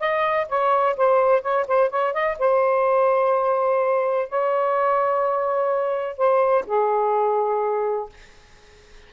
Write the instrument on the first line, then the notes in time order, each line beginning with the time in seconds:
saxophone
0.00 D#5
0.49 C#5
0.97 C5
1.42 C#5
1.68 C5
1.90 C#5
2.14 D#5
2.39 C5
4.29 C#5
6.18 C5
6.67 G#4